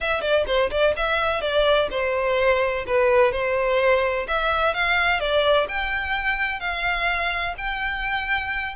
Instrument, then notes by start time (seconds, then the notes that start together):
violin
0.00 E5
0.21 D5
0.46 C5
0.71 D5
0.96 E5
1.41 D5
1.90 C5
2.86 B4
3.32 C5
4.27 E5
4.74 F5
5.20 D5
5.68 G5
6.59 F5
7.57 G5